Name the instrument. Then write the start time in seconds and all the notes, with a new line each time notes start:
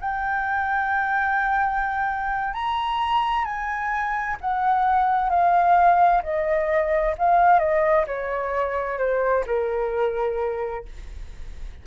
flute
0.00 G5
2.53 A#5
3.44 G#5
4.41 F#5
5.30 F5
6.23 D#5
7.18 F5
7.59 D#5
8.07 C#5
8.98 C5
9.47 A#4